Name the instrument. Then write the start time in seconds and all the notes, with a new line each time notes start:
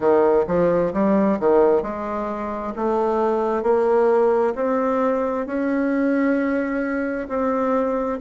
bassoon
0.00 D#3
0.47 F3
0.93 G3
1.39 D#3
1.82 G#3
2.76 A3
3.62 A#3
4.55 C4
5.46 C#4
7.28 C4